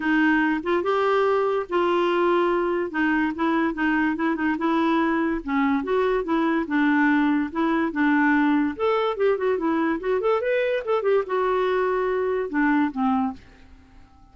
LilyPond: \new Staff \with { instrumentName = "clarinet" } { \time 4/4 \tempo 4 = 144 dis'4. f'8 g'2 | f'2. dis'4 | e'4 dis'4 e'8 dis'8 e'4~ | e'4 cis'4 fis'4 e'4 |
d'2 e'4 d'4~ | d'4 a'4 g'8 fis'8 e'4 | fis'8 a'8 b'4 a'8 g'8 fis'4~ | fis'2 d'4 c'4 | }